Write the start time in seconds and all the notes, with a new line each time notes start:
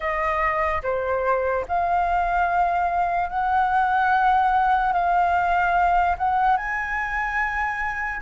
0.00 D#5
0.83 C5
1.67 F5
3.29 F#5
4.92 F5
6.18 F#5
6.56 G#5